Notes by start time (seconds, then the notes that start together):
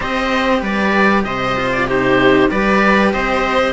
0.00 C4 G4 C5 D#5
0.61 G3 B4 D5
1.23 C3 C5 D#5
1.56 F4
1.72 D5
1.87 D#4 G4 C5
2.49 G3 G4 B4 D5
3.12 C4 C5 D#5